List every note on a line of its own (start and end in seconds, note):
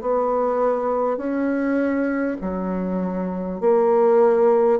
0.00 1.17 B3
1.17 2.37 C#4
2.41 3.60 F#3
3.60 4.79 A#3